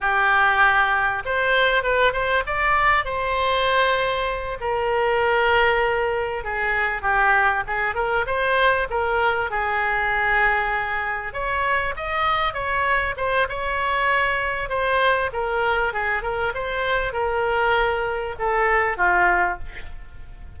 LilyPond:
\new Staff \with { instrumentName = "oboe" } { \time 4/4 \tempo 4 = 98 g'2 c''4 b'8 c''8 | d''4 c''2~ c''8 ais'8~ | ais'2~ ais'8 gis'4 g'8~ | g'8 gis'8 ais'8 c''4 ais'4 gis'8~ |
gis'2~ gis'8 cis''4 dis''8~ | dis''8 cis''4 c''8 cis''2 | c''4 ais'4 gis'8 ais'8 c''4 | ais'2 a'4 f'4 | }